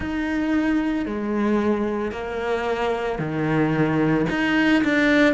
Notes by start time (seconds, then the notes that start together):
0.00 D#4
1.05 G#3
2.11 A#3
3.19 D#3
4.29 D#4
4.84 D4